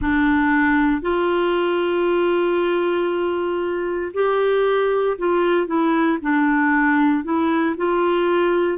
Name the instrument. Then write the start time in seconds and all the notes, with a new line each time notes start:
clarinet
0.00 D4
1.01 F4
4.13 G4
5.17 F4
5.66 E4
6.21 D4
7.24 E4
7.76 F4